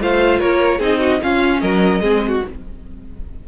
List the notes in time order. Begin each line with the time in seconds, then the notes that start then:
0.00 A3 F4 C5 F5
0.40 A#3 A#4 C#5
0.78 C4 D#4 G#4 D#5
0.99 F#4
1.21 C#4 F4 F5
1.61 F#3 A#4 D#5
2.01 G#3 C4 G#4
2.28 F#4